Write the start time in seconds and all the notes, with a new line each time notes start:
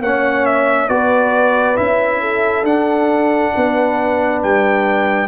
0.00 A#3 C#4 C#5 F#5
0.45 E5
0.88 B3 F#4 B4 D5
1.76 C#4 E4 E5
2.21 A4
2.62 D4 F#5
3.54 B3 B4
4.43 G3 G5